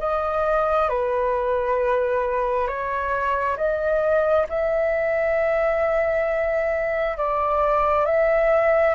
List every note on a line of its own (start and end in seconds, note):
0.00 0.90 D#5
0.90 2.68 B4
2.68 3.57 C#5
3.57 4.47 D#5
4.50 7.18 E5
7.18 8.06 D5
8.06 8.95 E5